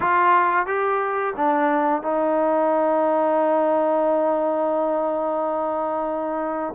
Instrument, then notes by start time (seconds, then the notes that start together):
trombone
0.00 F4
0.66 G4
1.36 D4
2.02 D#4